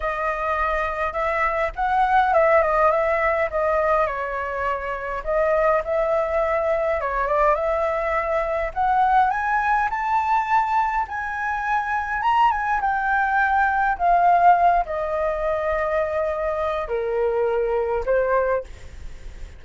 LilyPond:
\new Staff \with { instrumentName = "flute" } { \time 4/4 \tempo 4 = 103 dis''2 e''4 fis''4 | e''8 dis''8 e''4 dis''4 cis''4~ | cis''4 dis''4 e''2 | cis''8 d''8 e''2 fis''4 |
gis''4 a''2 gis''4~ | gis''4 ais''8 gis''8 g''2 | f''4. dis''2~ dis''8~ | dis''4 ais'2 c''4 | }